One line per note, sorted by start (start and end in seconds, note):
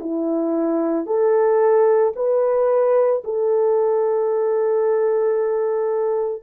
0.00 1.06 E4
1.06 2.13 A4
2.15 3.22 B4
3.24 6.42 A4